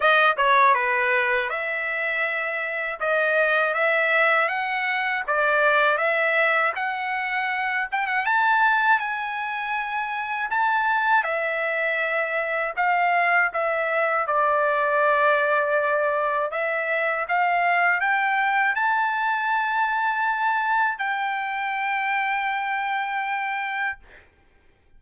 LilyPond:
\new Staff \with { instrumentName = "trumpet" } { \time 4/4 \tempo 4 = 80 dis''8 cis''8 b'4 e''2 | dis''4 e''4 fis''4 d''4 | e''4 fis''4. g''16 fis''16 a''4 | gis''2 a''4 e''4~ |
e''4 f''4 e''4 d''4~ | d''2 e''4 f''4 | g''4 a''2. | g''1 | }